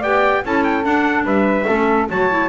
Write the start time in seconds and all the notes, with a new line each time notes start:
0.00 B3 G4 D5 G5
0.44 C#4 E4 A4 A5
0.63 G5
0.83 D4 F#5
1.24 G3 B4 E5
1.67 A3 C#4 A4
2.08 F#3 F#4 C#5 A5
2.30 E4